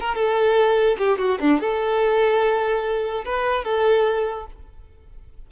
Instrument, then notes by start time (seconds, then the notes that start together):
violin
0.00 A#4
0.15 A4
0.99 G4
1.19 F#4
1.40 D4
1.61 A4
3.26 B4
3.64 A4